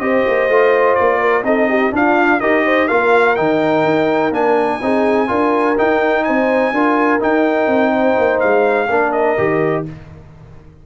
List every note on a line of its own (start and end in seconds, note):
0.00 0.24 C4
0.00 0.49 G4
0.00 1.20 C5
0.00 0.95 D#5
0.27 0.49 A#3
0.49 0.97 A3
0.49 1.44 F4
0.95 1.43 A#3
0.95 1.43 D5
1.20 1.44 A#4
1.43 1.91 C4
1.43 1.92 D#4
1.43 1.69 A4
1.43 1.93 D#5
1.69 1.93 G4
1.92 2.40 D4
1.92 2.41 D4
1.92 2.41 F4
1.92 2.40 F5
2.40 2.90 D#4
2.40 2.89 G4
2.40 2.65 A#4
2.40 2.88 D#5
2.65 2.88 C5
2.88 3.39 A#3
2.88 3.36 F4
2.88 4.80 A#4
2.88 3.36 F5
3.36 3.84 D#3
3.36 4.32 D#4
3.36 4.32 G5
3.84 4.31 D#4
4.31 4.79 A#3
4.31 4.81 D4
4.31 5.78 G#5
4.82 5.30 C4
4.82 5.28 D#4
4.82 5.28 G#4
5.28 5.78 D4
5.28 5.76 F4
5.28 6.24 A#4
5.78 6.74 D#4
5.78 6.29 D#4
5.78 6.24 G5
6.24 6.72 C4
6.24 6.74 C5
6.24 7.20 G#5
6.72 7.20 D4
6.72 7.20 F4
6.72 7.93 A#4
7.20 8.88 D#4
7.20 7.67 D#4
7.20 8.40 G5
7.67 8.15 C4
7.93 8.89 C5
8.19 8.43 A#3
8.40 8.89 G#3
8.40 9.12 F5
8.89 9.37 A#3
8.89 9.38 D4
8.89 9.85 A#4
9.12 9.84 D#5
9.38 9.86 D#3
9.38 9.86 G4